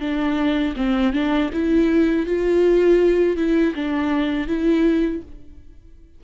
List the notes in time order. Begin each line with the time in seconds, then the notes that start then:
0.00 D4
0.76 C4
1.13 D4
1.53 E4
2.26 F4
3.36 E4
3.75 D4
4.47 E4